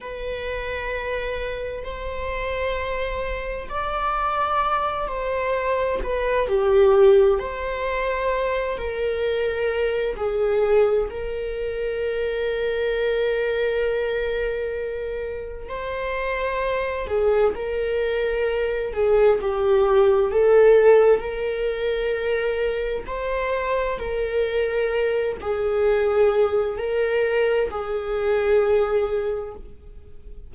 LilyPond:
\new Staff \with { instrumentName = "viola" } { \time 4/4 \tempo 4 = 65 b'2 c''2 | d''4. c''4 b'8 g'4 | c''4. ais'4. gis'4 | ais'1~ |
ais'4 c''4. gis'8 ais'4~ | ais'8 gis'8 g'4 a'4 ais'4~ | ais'4 c''4 ais'4. gis'8~ | gis'4 ais'4 gis'2 | }